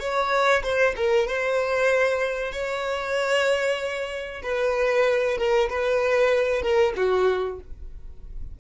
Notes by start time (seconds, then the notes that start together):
0.00 C#5
0.63 C5
0.96 A#4
1.28 C5
2.53 C#5
4.43 B4
5.38 A#4
5.70 B4
6.62 A#4
6.96 F#4